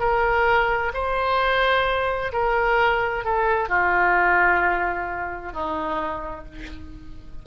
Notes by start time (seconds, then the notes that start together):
0.00 A#4
0.94 C5
2.33 A#4
3.25 A4
3.69 F4
5.53 D#4